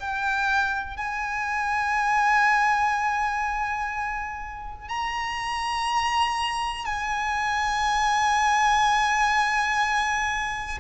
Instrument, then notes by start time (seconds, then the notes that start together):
violin
0.00 G5
0.97 G#5
4.89 A#5
6.85 G#5